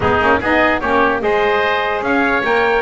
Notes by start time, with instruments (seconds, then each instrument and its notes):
0.00 double bass G#3, saxophone B3, oboe D#4, trumpet G#4
0.19 double bass A#3, saxophone C#4
0.40 double bass B3, saxophone D#4, oboe G#4, trumpet D#5
0.80 double bass A#3, saxophone C#4, oboe G4, trumpet C#5
1.20 double bass G#3, saxophone G#4, oboe C5, trumpet D#5
2.01 double bass C#4, oboe C#5, trumpet F5
2.44 double bass A#3, saxophone A#4, trumpet G5